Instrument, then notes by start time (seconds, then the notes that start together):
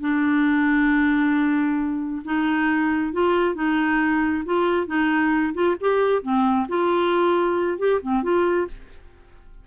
clarinet
0.00 D4
2.24 D#4
3.13 F4
3.55 D#4
4.45 F4
4.87 D#4
5.54 F4
5.80 G4
6.22 C4
6.68 F4
7.78 G4
8.01 C4
8.23 F4